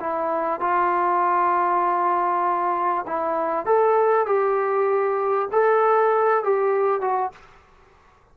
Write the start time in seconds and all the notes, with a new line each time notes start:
0.00 E4
0.60 F4
3.07 E4
3.66 A4
4.26 G4
5.52 A4
6.43 G4
7.01 F#4